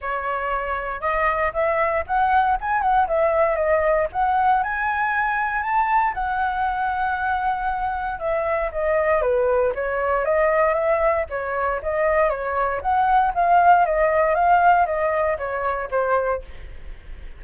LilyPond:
\new Staff \with { instrumentName = "flute" } { \time 4/4 \tempo 4 = 117 cis''2 dis''4 e''4 | fis''4 gis''8 fis''8 e''4 dis''4 | fis''4 gis''2 a''4 | fis''1 |
e''4 dis''4 b'4 cis''4 | dis''4 e''4 cis''4 dis''4 | cis''4 fis''4 f''4 dis''4 | f''4 dis''4 cis''4 c''4 | }